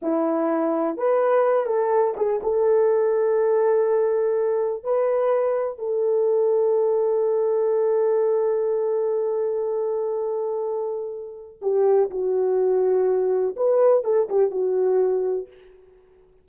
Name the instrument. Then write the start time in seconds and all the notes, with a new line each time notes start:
horn
0.02 E4
0.97 B4
1.66 A4
2.16 G#4
2.43 A4
4.83 B4
5.78 A4
11.61 G4
12.10 F#4
13.56 B4
14.04 A4
14.29 G4
14.50 F#4